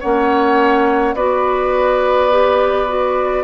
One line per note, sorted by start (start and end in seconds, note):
0.00 1.14 A#3
0.00 1.16 C#4
0.00 1.15 C#5
0.00 1.15 F#5
1.14 3.44 B3
1.14 2.31 F#4
1.14 3.44 B4
1.14 3.44 D5
2.31 2.87 G4
2.87 3.44 F#4